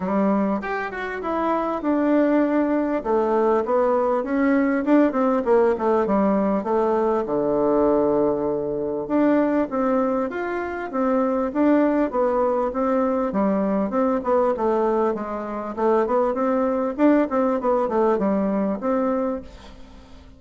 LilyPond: \new Staff \with { instrumentName = "bassoon" } { \time 4/4 \tempo 4 = 99 g4 g'8 fis'8 e'4 d'4~ | d'4 a4 b4 cis'4 | d'8 c'8 ais8 a8 g4 a4 | d2. d'4 |
c'4 f'4 c'4 d'4 | b4 c'4 g4 c'8 b8 | a4 gis4 a8 b8 c'4 | d'8 c'8 b8 a8 g4 c'4 | }